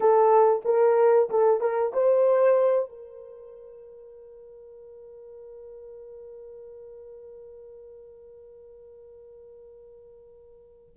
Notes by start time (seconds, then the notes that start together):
0.00 A4
0.65 A#4
1.30 A4
1.60 A#4
1.93 C5
2.89 A#4